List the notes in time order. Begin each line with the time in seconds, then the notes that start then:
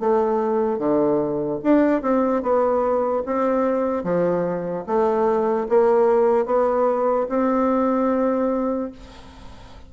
0.00 A3
0.79 D3
1.64 D4
2.02 C4
2.43 B3
3.26 C4
4.04 F3
4.87 A3
5.69 A#3
6.46 B3
7.29 C4